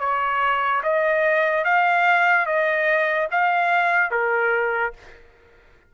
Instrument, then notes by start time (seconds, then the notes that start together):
trumpet
0.00 C#5
0.83 D#5
1.64 F5
2.46 D#5
3.31 F5
4.11 A#4